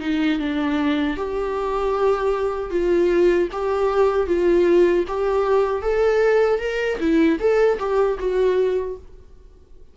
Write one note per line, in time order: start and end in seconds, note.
0.00 0.39 D#4
0.39 1.17 D4
1.17 2.70 G4
2.70 3.48 F4
3.52 4.27 G4
4.27 5.05 F4
5.08 5.82 G4
5.82 6.59 A4
6.59 6.98 A#4
7.00 7.38 E4
7.39 7.78 A4
7.79 8.18 G4
8.19 8.96 F#4